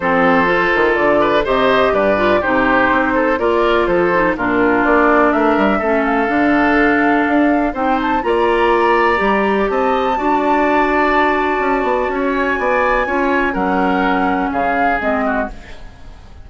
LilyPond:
<<
  \new Staff \with { instrumentName = "flute" } { \time 4/4 \tempo 4 = 124 c''2 d''4 dis''4 | d''4 c''2 d''4 | c''4 ais'4 d''4 e''4~ | e''8 f''2.~ f''8 |
g''8 a''8 ais''2. | a''1~ | a''4. gis''2~ gis''8 | fis''2 f''4 dis''4 | }
  \new Staff \with { instrumentName = "oboe" } { \time 4/4 a'2~ a'8 b'8 c''4 | b'4 g'4. a'8 ais'4 | a'4 f'2 ais'4 | a'1 |
c''4 d''2. | dis''4 d''2.~ | d''4 cis''4 d''4 cis''4 | ais'2 gis'4. fis'8 | }
  \new Staff \with { instrumentName = "clarinet" } { \time 4/4 c'4 f'2 g'4~ | g'8 f'8 dis'2 f'4~ | f'8 dis'8 d'2. | cis'4 d'2. |
dis'4 f'2 g'4~ | g'4 fis'2.~ | fis'2. f'4 | cis'2. c'4 | }
  \new Staff \with { instrumentName = "bassoon" } { \time 4/4 f4. dis8 d4 c4 | g,4 c4 c'4 ais4 | f4 ais,4 ais4 a8 g8 | a4 d2 d'4 |
c'4 ais2 g4 | c'4 d'2. | cis'8 b8 cis'4 b4 cis'4 | fis2 cis4 gis4 | }
>>